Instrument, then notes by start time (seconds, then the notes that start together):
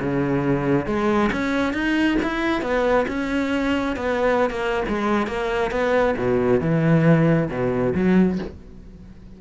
cello
0.00 C#3
0.86 G#3
1.32 C#4
1.73 D#4
2.22 E4
2.61 B3
3.08 C#4
3.96 B3
4.50 A#3
4.88 G#3
5.27 A#3
5.71 B3
6.17 B2
6.60 E3
7.49 B2
7.94 F#3